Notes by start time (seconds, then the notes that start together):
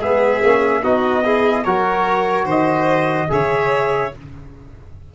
0.00 G#3 B3 G#4 E5
0.43 A#3 C#4
0.83 B3 D#4 F#4 D#5
1.24 E4 G#4
1.64 F#3 F#4 A#4 C#5
2.45 D#3 C5 D#5
3.29 C#3 G#4 C#5 E5